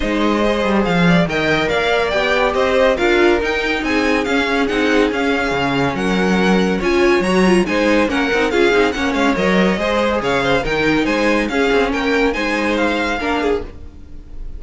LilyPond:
<<
  \new Staff \with { instrumentName = "violin" } { \time 4/4 \tempo 4 = 141 dis''2 f''4 g''4 | f''4 g''4 dis''4 f''4 | g''4 gis''4 f''4 fis''4 | f''2 fis''2 |
gis''4 ais''4 gis''4 fis''4 | f''4 fis''8 f''8 dis''2 | f''4 g''4 gis''4 f''4 | g''4 gis''4 f''2 | }
  \new Staff \with { instrumentName = "violin" } { \time 4/4 c''2~ c''8 d''8 dis''4 | d''2 c''4 ais'4~ | ais'4 gis'2.~ | gis'2 ais'2 |
cis''2 c''4 ais'4 | gis'4 cis''2 c''4 | cis''8 c''8 ais'4 c''4 gis'4 | ais'4 c''2 ais'8 gis'8 | }
  \new Staff \with { instrumentName = "viola" } { \time 4/4 dis'4 gis'2 ais'4~ | ais'4 g'2 f'4 | dis'2 cis'4 dis'4 | cis'1 |
f'4 fis'8 f'8 dis'4 cis'8 dis'8 | f'8 dis'8 cis'4 ais'4 gis'4~ | gis'4 dis'2 cis'4~ | cis'4 dis'2 d'4 | }
  \new Staff \with { instrumentName = "cello" } { \time 4/4 gis4. g8 f4 dis4 | ais4 b4 c'4 d'4 | dis'4 c'4 cis'4 c'4 | cis'4 cis4 fis2 |
cis'4 fis4 gis4 ais8 c'8 | cis'8 c'8 ais8 gis8 fis4 gis4 | cis4 dis4 gis4 cis'8 c'8 | ais4 gis2 ais4 | }
>>